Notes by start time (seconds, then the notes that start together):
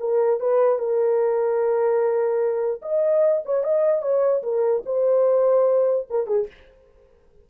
0.00 A#4
0.40 B4
0.79 A#4
2.82 D#5
3.46 C#5
3.64 D#5
4.02 C#5
4.43 A#4
4.86 C5
6.11 A#4
6.27 G#4